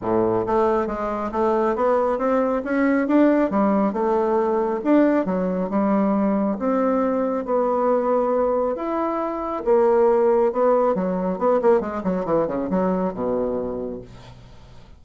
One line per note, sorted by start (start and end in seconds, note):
0.01 0.45 A2
0.46 0.87 A3
0.87 1.30 G#3
1.31 1.75 A3
1.75 2.18 B3
2.18 2.62 C4
2.64 3.07 C#4
3.07 3.50 D4
3.50 3.92 G3
3.92 4.80 A3
4.84 5.25 D4
5.25 5.69 F#3
5.69 6.57 G3
6.59 7.45 C4
7.45 8.75 B3
8.75 9.63 E4
9.64 10.52 A#3
10.52 10.94 B3
10.94 11.38 F#3
11.38 11.60 B3
11.61 11.80 A#3
11.80 12.02 G#3
12.03 12.25 F#3
12.25 12.47 E3
12.47 12.69 C#3
12.69 13.13 F#3
13.13 14.01 B2